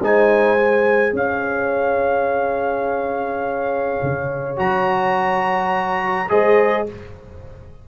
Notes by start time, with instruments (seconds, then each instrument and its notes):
0.00 tuba G#3, trombone D#4, horn C5, trumpet G#5
0.58 trombone G#4
1.13 tuba C#4, horn C#5, trumpet F5
4.03 tuba C#3
4.57 tuba F#3, trombone F#4, trumpet A#5
6.29 tuba G#3, trombone G#4, horn C5, trumpet D#5